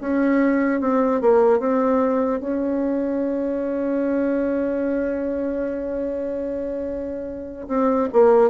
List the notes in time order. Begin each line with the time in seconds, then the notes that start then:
0.00 C#4
0.80 C4
1.21 A#3
1.59 C4
2.40 C#4
7.68 C4
8.12 A#3